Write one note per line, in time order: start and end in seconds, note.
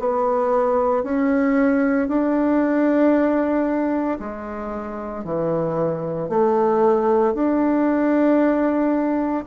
0.00 1.04 B3
1.04 2.09 C#4
2.09 4.19 D4
4.20 5.25 G#3
5.25 6.30 E3
6.30 7.34 A3
7.34 9.45 D4